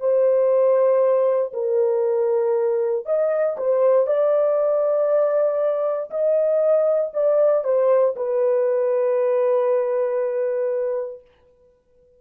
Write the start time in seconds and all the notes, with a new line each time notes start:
0.00 C5
1.53 A#4
3.06 D#5
3.58 C5
4.07 D5
6.11 D#5
7.14 D5
7.64 C5
8.16 B4